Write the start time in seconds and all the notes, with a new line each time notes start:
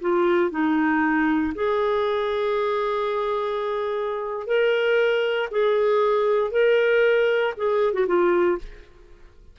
0.00 F4
0.50 D#4
1.54 G#4
4.46 A#4
5.51 G#4
6.51 A#4
7.56 G#4
7.93 F#4
8.07 F4